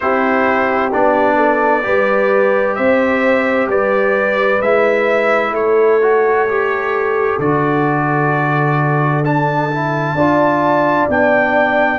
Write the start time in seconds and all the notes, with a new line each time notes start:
0.00 C4 E4 G4 C5
0.92 B3 D4 D5
1.36 A4
1.82 G3 G4 B4
2.75 C4 C5 E5
3.67 G3 B4 D5
4.61 G#3 E4 E5
5.51 A3 A4 C#5
6.01 F#4
6.48 G4
7.38 D3 F#4 D5
9.24 D4 A5
9.71 E4
10.14 D4 F4 D5
11.08 B3 D4 G5